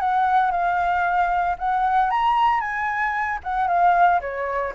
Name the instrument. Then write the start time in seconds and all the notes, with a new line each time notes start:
flute
0.00 F#5
0.51 F5
1.59 F#5
2.11 A#5
2.61 G#5
3.44 F#5
3.68 F5
4.21 C#5